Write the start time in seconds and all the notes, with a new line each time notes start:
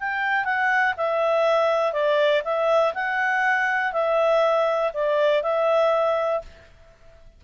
0.00 G5
0.45 F#5
0.97 E5
1.93 D5
2.44 E5
2.94 F#5
3.93 E5
4.93 D5
5.43 E5